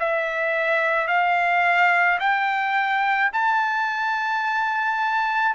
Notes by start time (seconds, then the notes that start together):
0.00 E5
1.08 F5
2.20 G5
3.33 A5